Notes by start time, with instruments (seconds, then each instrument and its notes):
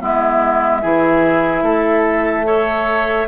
0.00 bassoon G#3, clarinet B3, oboe E4, flute E5
0.82 bassoon E3, clarinet E4, oboe G#4
1.62 bassoon A3, oboe A4
2.45 clarinet A4, oboe C#5